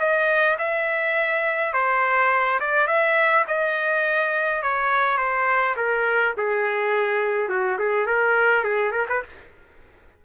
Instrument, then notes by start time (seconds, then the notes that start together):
trumpet
0.00 D#5
0.59 E5
1.74 C5
2.60 D5
2.88 E5
3.48 D#5
4.63 C#5
5.18 C5
5.77 A#4
6.38 G#4
7.49 F#4
7.79 G#4
8.07 A#4
8.65 G#4
8.92 A#4
9.09 B4